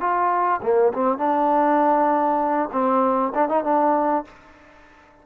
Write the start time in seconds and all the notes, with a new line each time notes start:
0.00 F4
0.62 A#3
0.93 C4
1.18 D4
2.72 C4
3.34 D4
3.48 D#4
3.64 D4